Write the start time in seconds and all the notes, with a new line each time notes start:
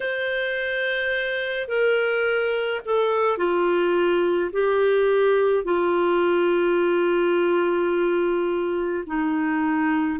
0.00 C5
1.67 A#4
2.85 A4
3.37 F4
4.52 G4
5.64 F4
9.06 D#4